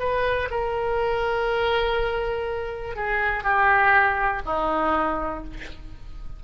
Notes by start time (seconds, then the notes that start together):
0.00 B4
0.51 A#4
2.96 G#4
3.44 G4
4.46 D#4